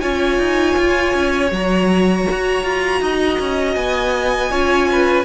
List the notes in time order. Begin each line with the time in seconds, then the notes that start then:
0.00 C#4 F4 C#5 G#5
0.38 D#4
0.78 F4
1.14 C#4
1.51 F#3 F#4 A#5
2.31 F#4
2.64 F4
3.01 D#4 D#5
3.39 C#4
3.75 B3 G#5
4.51 C#4 F4 C#5
4.92 B4